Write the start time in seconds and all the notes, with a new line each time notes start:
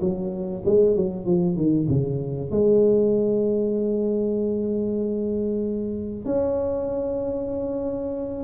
0.00 F#3
0.65 G#3
0.96 F#3
1.25 F3
1.56 D#3
1.88 C#3
2.50 G#3
6.25 C#4